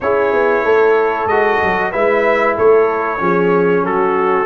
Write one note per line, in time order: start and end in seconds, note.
0.00 0.32 C#4
0.00 1.30 E4
0.00 0.64 G#4
0.00 1.27 C#5
0.32 0.64 B3
0.64 1.25 A3
0.64 1.91 A4
1.25 1.57 G#3
1.25 1.92 F#4
1.25 1.91 D#5
1.63 1.93 F#3
1.91 2.57 G#3
1.91 3.18 E4
1.91 2.55 B4
1.91 2.55 E5
2.55 3.20 A3
2.55 3.19 A4
2.55 3.85 C#5
3.18 3.84 F3
3.18 4.46 C#4
3.18 3.84 G#4
3.84 4.46 F#3
3.84 4.46 F#4
3.84 4.46 A4